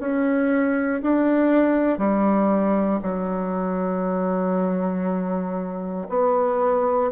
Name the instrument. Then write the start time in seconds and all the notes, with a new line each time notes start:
bassoon
0.00 C#4
1.03 D4
1.98 G3
3.03 F#3
6.10 B3